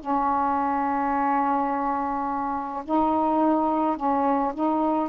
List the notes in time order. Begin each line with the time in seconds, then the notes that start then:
0.00 C#4
2.85 D#4
3.96 C#4
4.54 D#4